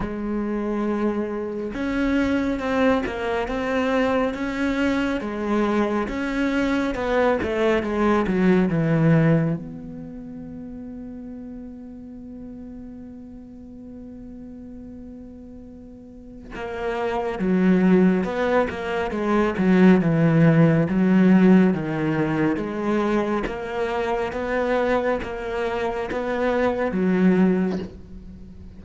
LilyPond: \new Staff \with { instrumentName = "cello" } { \time 4/4 \tempo 4 = 69 gis2 cis'4 c'8 ais8 | c'4 cis'4 gis4 cis'4 | b8 a8 gis8 fis8 e4 b4~ | b1~ |
b2. ais4 | fis4 b8 ais8 gis8 fis8 e4 | fis4 dis4 gis4 ais4 | b4 ais4 b4 fis4 | }